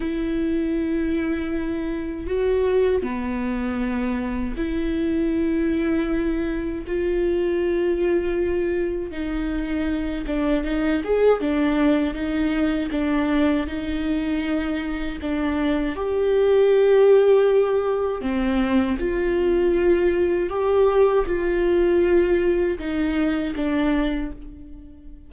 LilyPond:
\new Staff \with { instrumentName = "viola" } { \time 4/4 \tempo 4 = 79 e'2. fis'4 | b2 e'2~ | e'4 f'2. | dis'4. d'8 dis'8 gis'8 d'4 |
dis'4 d'4 dis'2 | d'4 g'2. | c'4 f'2 g'4 | f'2 dis'4 d'4 | }